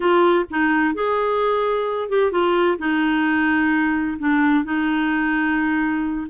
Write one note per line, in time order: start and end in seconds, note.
0.00 0.45 F4
0.50 0.94 D#4
0.94 2.09 G#4
2.09 2.31 G4
2.31 2.78 F4
2.78 4.17 D#4
4.18 4.64 D4
4.64 6.27 D#4